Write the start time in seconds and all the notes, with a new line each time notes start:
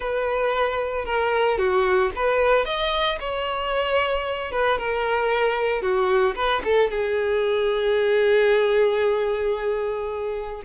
0.00 B4
1.05 A#4
1.58 F#4
2.15 B4
2.65 D#5
3.20 C#5
4.51 B4
4.78 A#4
5.81 F#4
6.35 B4
6.64 A4
6.90 G#4